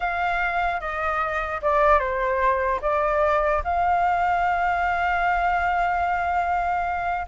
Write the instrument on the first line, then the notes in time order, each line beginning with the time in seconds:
flute
0.00 F5
0.80 D#5
1.61 D5
1.99 C5
2.81 D5
3.64 F5